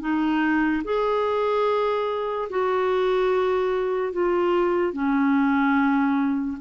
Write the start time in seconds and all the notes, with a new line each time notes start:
0.00 D#4
0.84 G#4
2.50 F#4
4.12 F4
4.92 C#4